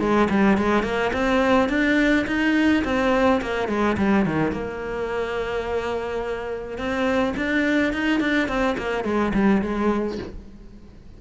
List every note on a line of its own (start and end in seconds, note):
0.00 0.28 G#3
0.30 0.57 G3
0.57 0.83 G#3
0.83 1.11 A#3
1.13 1.69 C4
1.69 2.26 D4
2.27 2.84 D#4
2.85 3.41 C4
3.41 3.68 A#3
3.68 3.97 G#3
3.98 4.26 G3
4.26 4.52 D#3
4.52 6.78 A#3
6.78 7.34 C4
7.37 7.93 D4
7.93 8.20 D#4
8.20 8.48 D4
8.48 8.77 C4
8.78 9.04 A#3
9.04 9.33 G#3
9.34 9.62 G3
9.62 10.19 G#3